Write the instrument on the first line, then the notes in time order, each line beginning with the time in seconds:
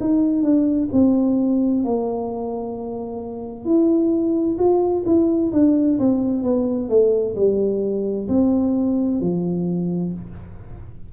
tuba
0.00 D#4
0.42 D4
0.92 C4
1.84 A#3
3.65 E4
4.58 F4
5.05 E4
5.52 D4
5.99 C4
6.43 B3
6.89 A3
7.35 G3
8.28 C4
9.20 F3